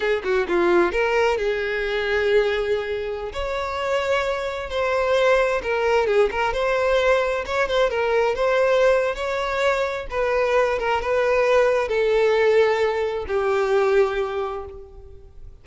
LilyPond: \new Staff \with { instrumentName = "violin" } { \time 4/4 \tempo 4 = 131 gis'8 fis'8 f'4 ais'4 gis'4~ | gis'2.~ gis'16 cis''8.~ | cis''2~ cis''16 c''4.~ c''16~ | c''16 ais'4 gis'8 ais'8 c''4.~ c''16~ |
c''16 cis''8 c''8 ais'4 c''4.~ c''16 | cis''2 b'4. ais'8 | b'2 a'2~ | a'4 g'2. | }